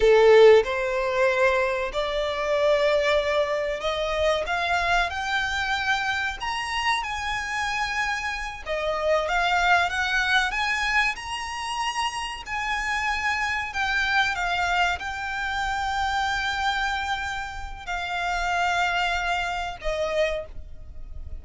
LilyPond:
\new Staff \with { instrumentName = "violin" } { \time 4/4 \tempo 4 = 94 a'4 c''2 d''4~ | d''2 dis''4 f''4 | g''2 ais''4 gis''4~ | gis''4. dis''4 f''4 fis''8~ |
fis''8 gis''4 ais''2 gis''8~ | gis''4. g''4 f''4 g''8~ | g''1 | f''2. dis''4 | }